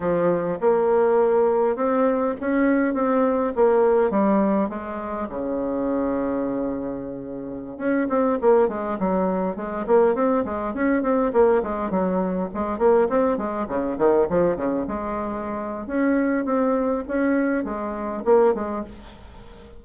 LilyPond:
\new Staff \with { instrumentName = "bassoon" } { \time 4/4 \tempo 4 = 102 f4 ais2 c'4 | cis'4 c'4 ais4 g4 | gis4 cis2.~ | cis4~ cis16 cis'8 c'8 ais8 gis8 fis8.~ |
fis16 gis8 ais8 c'8 gis8 cis'8 c'8 ais8 gis16~ | gis16 fis4 gis8 ais8 c'8 gis8 cis8 dis16~ | dis16 f8 cis8 gis4.~ gis16 cis'4 | c'4 cis'4 gis4 ais8 gis8 | }